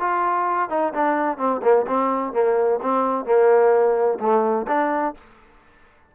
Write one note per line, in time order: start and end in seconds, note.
0.00 0.69 F4
0.69 0.93 D#4
0.94 1.38 D4
1.38 1.61 C4
1.62 1.86 A#3
1.87 2.33 C4
2.33 2.80 A#3
2.82 3.25 C4
3.25 4.19 A#3
4.20 4.66 A3
4.67 5.14 D4